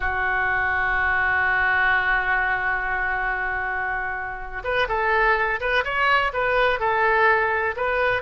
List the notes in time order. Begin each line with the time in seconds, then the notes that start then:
0.00 F#4
4.63 B4
4.88 A4
5.60 B4
5.84 C#5
6.33 B4
6.79 A4
7.76 B4